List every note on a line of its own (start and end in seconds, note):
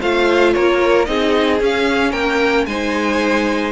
0.00 0.56 A3
0.00 1.06 F4
0.00 0.54 C5
0.00 0.54 F5
0.54 1.08 A#3
0.54 1.09 A#4
0.54 1.05 C#5
1.05 1.61 C4
1.05 1.60 D#4
1.05 2.12 G#4
1.05 1.59 D#5
1.61 2.13 C#4
1.61 2.69 C#4
1.61 2.12 F5
2.12 2.67 A#3
2.12 2.66 A#4
2.12 2.66 G5
2.66 3.72 G#3
2.66 3.72 D#4
2.66 3.72 C5
2.66 3.72 G#5